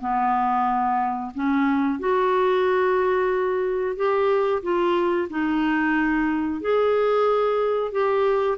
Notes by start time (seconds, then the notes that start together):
0.00 B3
1.34 C#4
1.99 F#4
3.96 G4
4.62 F4
5.30 D#4
6.61 G#4
7.92 G4